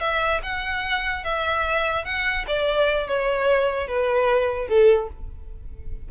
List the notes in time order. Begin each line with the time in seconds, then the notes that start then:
0.00 E5
0.43 F#5
1.24 E5
2.04 F#5
2.47 D5
3.07 C#5
3.88 B4
4.68 A4